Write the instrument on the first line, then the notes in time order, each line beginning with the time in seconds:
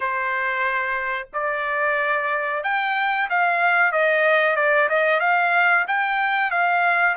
trumpet
0.00 C5
1.33 D5
2.63 G5
3.29 F5
3.92 D#5
4.55 D5
4.89 D#5
5.20 F5
5.87 G5
6.50 F5